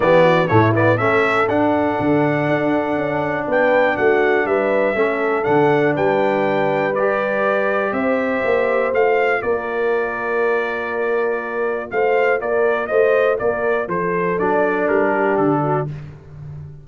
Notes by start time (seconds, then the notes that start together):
0.00 E3 B3 G4 D5
0.23 F#4
0.47 A2 A3 E4 C#5
0.75 B3 D5
0.96 A3 C#4 A4 E5
1.48 D4 F#5
2.00 D3
2.48 D4
2.96 C#4
3.47 B3 B4 G5
3.96 A3 F#4 F#5
4.45 G3 B4 E5
4.95 A3 C#4 A4
5.43 D3 D4 F#5
5.95 G3 B4 G5
6.94 G4 D5
7.92 C4 C5 E5
8.44 A#3
8.92 A3 F4 F5
9.42 A#3 A#4 D5
11.91 A3 C5 F5
12.40 A#3 A#4 D5
12.86 A3 C5 D#5
13.38 A#3 A#4 D5
13.87 F3 A4 C5
14.38 F#3 D4 D5
14.87 G3 A#4
15.10 G4
15.37 D3 A4
15.62 F#4